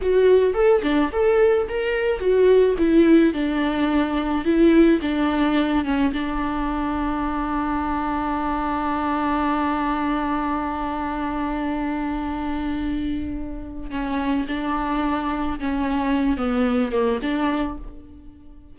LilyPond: \new Staff \with { instrumentName = "viola" } { \time 4/4 \tempo 4 = 108 fis'4 a'8 d'8 a'4 ais'4 | fis'4 e'4 d'2 | e'4 d'4. cis'8 d'4~ | d'1~ |
d'1~ | d'1~ | d'4 cis'4 d'2 | cis'4. b4 ais8 d'4 | }